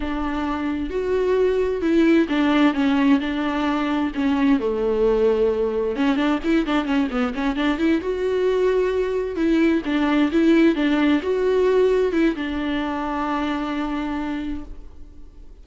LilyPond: \new Staff \with { instrumentName = "viola" } { \time 4/4 \tempo 4 = 131 d'2 fis'2 | e'4 d'4 cis'4 d'4~ | d'4 cis'4 a2~ | a4 cis'8 d'8 e'8 d'8 cis'8 b8 |
cis'8 d'8 e'8 fis'2~ fis'8~ | fis'8 e'4 d'4 e'4 d'8~ | d'8 fis'2 e'8 d'4~ | d'1 | }